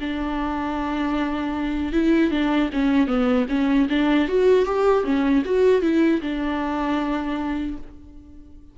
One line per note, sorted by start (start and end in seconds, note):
0.00 1.92 D4
1.92 2.31 E4
2.31 2.70 D4
2.73 3.07 C#4
3.07 3.46 B3
3.49 3.88 C#4
3.89 4.28 D4
4.28 4.65 F#4
4.65 5.04 G4
5.04 5.43 C#4
5.45 5.82 F#4
5.82 6.21 E4
6.21 7.77 D4